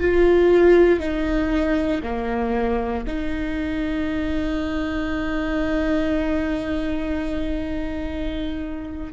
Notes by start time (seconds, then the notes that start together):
0.00 F4
1.00 D#4
2.03 A#3
3.07 D#4